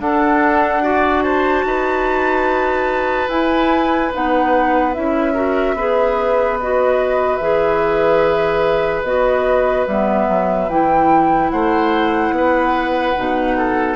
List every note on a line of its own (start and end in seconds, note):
0.00 1.64 D4
0.00 0.82 D4
0.00 0.83 A4
0.00 1.23 F#5
0.82 3.29 F#4
0.82 1.24 D5
1.23 1.65 C5
1.23 3.29 A5
1.65 3.29 D#4
1.65 5.34 B4
3.29 4.11 E4
3.29 4.12 E4
3.29 4.12 G#5
4.13 4.97 B3
4.13 4.94 D#4
4.13 4.95 F#5
4.94 5.74 C#4
4.94 5.35 E4
4.94 6.59 E5
5.34 5.76 F#4
5.34 5.75 A#4
5.74 7.39 B3
5.74 6.60 G#4
5.74 11.52 B4
6.60 7.41 F#4
6.60 7.37 D#5
7.37 9.04 E3
7.37 9.06 G#4
7.37 9.01 E5
9.04 9.86 B3
9.04 9.88 F#4
9.04 9.86 D#5
9.87 10.29 G3
9.87 10.70 B3
9.87 10.70 E5
10.29 10.69 F#3
10.69 11.51 E3
10.69 13.16 E4
10.69 11.51 G5
11.51 12.31 A3
11.51 12.35 C5
11.51 13.96 F#5
12.31 13.14 B3
12.31 13.58 B4
13.16 13.96 B2
13.16 13.96 D#4
13.58 13.96 A4